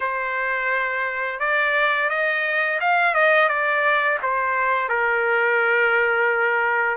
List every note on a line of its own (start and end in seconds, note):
0.00 1.39 C5
1.40 2.09 D5
2.09 2.79 D#5
2.80 3.14 F5
3.14 3.49 D#5
3.49 4.18 D5
4.22 4.88 C5
4.88 6.96 A#4